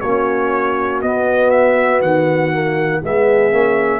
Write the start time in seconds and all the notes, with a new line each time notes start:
0.00 A#3 C#4 F#4 C#5
1.01 B3 D#5
1.50 E5
2.01 D#3 F#5
2.52 A#3
3.01 G#3 B3 G#4 E5
3.52 A#3 C#4